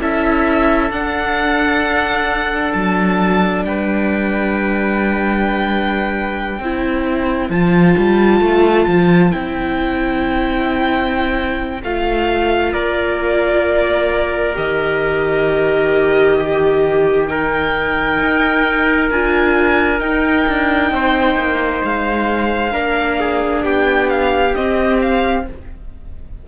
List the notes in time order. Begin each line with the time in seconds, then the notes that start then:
0.00 C#4 E4 A4 E5
0.91 D4 F#5
2.73 F#3 A5
3.64 G3 B4 G5
6.59 C4 E4 C5
7.50 F3 F4 A5
7.98 G3
8.41 A3
8.87 F3
9.31 C4 E4 G5
11.83 A3 F4 F5
12.73 A#3 A#4 D5
14.54 D#3 G4 D#5
16.39 G4
17.28 D#4 A#4 G5
18.20 D#4
19.11 D4 F4 G#5
20.00 D#4 G5
20.48 D4
20.91 C4 C5
21.36 A#3
21.85 G#3 F5
22.71 A#3 D4 A#4
23.20 G#4
23.64 B3 G4 G5
24.10 F5
24.55 C4 D#5
25.02 F5